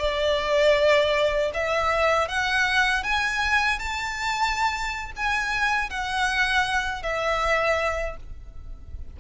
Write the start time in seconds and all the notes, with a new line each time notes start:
0.00 D5
1.54 E5
2.29 F#5
3.04 G#5
3.79 A5
5.16 G#5
5.90 F#5
7.03 E5